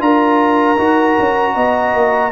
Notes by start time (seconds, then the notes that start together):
0.00 D4 F4 A#4 A#5
0.78 D#4 F#4
1.19 C#4
1.55 B3 D#5
1.94 A#3